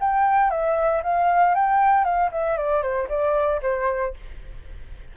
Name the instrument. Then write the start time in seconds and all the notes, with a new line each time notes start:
flute
0.00 G5
0.50 E5
1.03 F5
1.55 G5
2.04 F5
2.32 E5
2.57 D5
2.82 C5
3.09 D5
3.62 C5